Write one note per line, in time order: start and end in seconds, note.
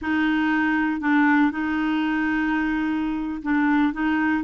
0.01 1.01 D#4
1.01 1.51 D4
1.51 3.42 D#4
3.42 3.93 D4
3.93 4.43 D#4